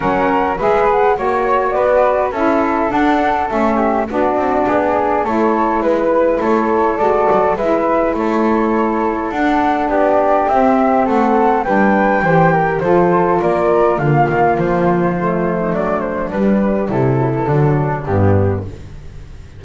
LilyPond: <<
  \new Staff \with { instrumentName = "flute" } { \time 4/4 \tempo 4 = 103 fis''4 e''8 fis''8 cis''4 d''4 | e''4 fis''4 e''4 d''4~ | d''4 cis''4 b'4 cis''4 | d''4 e''4 cis''2 |
fis''4 d''4 e''4 fis''4 | g''2 c''4 d''4 | f''4 c''2 d''8 c''8 | b'4 a'2 g'4 | }
  \new Staff \with { instrumentName = "flute" } { \time 4/4 ais'4 b'4 cis''4 b'4 | a'2~ a'8 g'8 fis'4 | gis'4 a'4 b'4 a'4~ | a'4 b'4 a'2~ |
a'4 g'2 a'4 | b'4 c''8 ais'8 a'4 ais'4 | f'2~ f'8. dis'16 d'4~ | d'4 e'4 d'2 | }
  \new Staff \with { instrumentName = "saxophone" } { \time 4/4 cis'4 gis'4 fis'2 | e'4 d'4 cis'4 d'4~ | d'4 e'2. | fis'4 e'2. |
d'2 c'2 | d'4 g'4 f'2 | ais2 a2 | g4. fis16 e16 fis4 b4 | }
  \new Staff \with { instrumentName = "double bass" } { \time 4/4 fis4 gis4 ais4 b4 | cis'4 d'4 a4 b8 c'8 | b4 a4 gis4 a4 | gis8 fis8 gis4 a2 |
d'4 b4 c'4 a4 | g4 e4 f4 ais4 | d8 dis8 f2 fis4 | g4 c4 d4 g,4 | }
>>